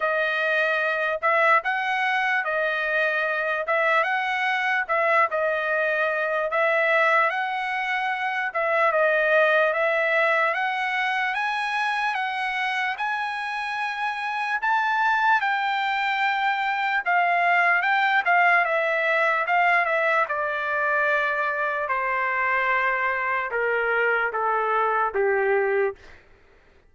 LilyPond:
\new Staff \with { instrumentName = "trumpet" } { \time 4/4 \tempo 4 = 74 dis''4. e''8 fis''4 dis''4~ | dis''8 e''8 fis''4 e''8 dis''4. | e''4 fis''4. e''8 dis''4 | e''4 fis''4 gis''4 fis''4 |
gis''2 a''4 g''4~ | g''4 f''4 g''8 f''8 e''4 | f''8 e''8 d''2 c''4~ | c''4 ais'4 a'4 g'4 | }